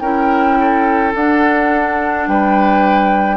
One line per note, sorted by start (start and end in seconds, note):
0.00 1.14 C#4
0.00 1.14 E4
0.00 0.58 A#4
0.00 1.13 G5
0.60 2.30 A4
1.14 3.37 D4
1.14 2.28 D4
1.14 2.28 F#5
2.28 3.37 G3
2.28 3.37 B4
2.28 3.37 G5